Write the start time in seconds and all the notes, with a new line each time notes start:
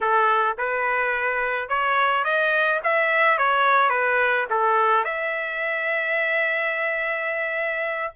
0.00 A4
0.58 B4
1.68 C#5
2.24 D#5
2.83 E5
3.37 C#5
3.89 B4
4.50 A4
5.04 E5